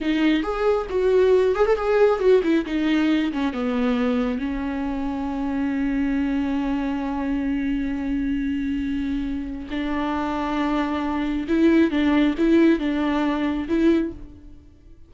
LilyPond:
\new Staff \with { instrumentName = "viola" } { \time 4/4 \tempo 4 = 136 dis'4 gis'4 fis'4. gis'16 a'16 | gis'4 fis'8 e'8 dis'4. cis'8 | b2 cis'2~ | cis'1~ |
cis'1~ | cis'2 d'2~ | d'2 e'4 d'4 | e'4 d'2 e'4 | }